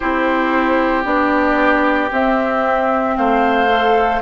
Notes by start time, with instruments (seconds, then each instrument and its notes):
0.00 bassoon C4, clarinet E4, oboe G4, flute C5
1.04 bassoon B3, clarinet D4, flute D5
2.12 bassoon C4, clarinet C4, flute E5
3.16 bassoon A3, oboe C5, flute F5
3.68 clarinet A4